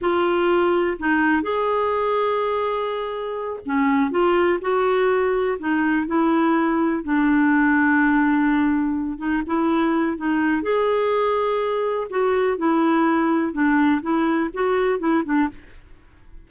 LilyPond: \new Staff \with { instrumentName = "clarinet" } { \time 4/4 \tempo 4 = 124 f'2 dis'4 gis'4~ | gis'2.~ gis'8 cis'8~ | cis'8 f'4 fis'2 dis'8~ | dis'8 e'2 d'4.~ |
d'2. dis'8 e'8~ | e'4 dis'4 gis'2~ | gis'4 fis'4 e'2 | d'4 e'4 fis'4 e'8 d'8 | }